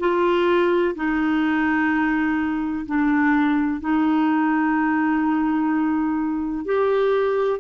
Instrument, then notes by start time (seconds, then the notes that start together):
clarinet
0.00 F4
0.96 D#4
2.87 D4
3.81 D#4
6.66 G4